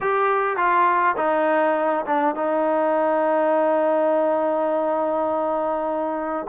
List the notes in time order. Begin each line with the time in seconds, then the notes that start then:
0.01 G4
0.56 F4
1.16 D#4
2.06 D4
2.35 D#4